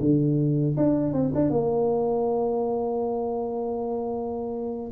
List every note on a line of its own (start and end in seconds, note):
0.00 0.76 D3
0.77 1.13 D4
1.13 1.32 C4
1.35 1.50 D4
1.50 4.92 A#3